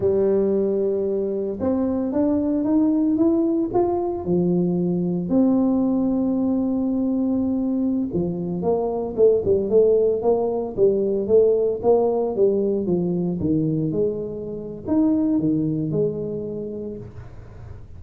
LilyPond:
\new Staff \with { instrumentName = "tuba" } { \time 4/4 \tempo 4 = 113 g2. c'4 | d'4 dis'4 e'4 f'4 | f2 c'2~ | c'2.~ c'16 f8.~ |
f16 ais4 a8 g8 a4 ais8.~ | ais16 g4 a4 ais4 g8.~ | g16 f4 dis4 gis4.~ gis16 | dis'4 dis4 gis2 | }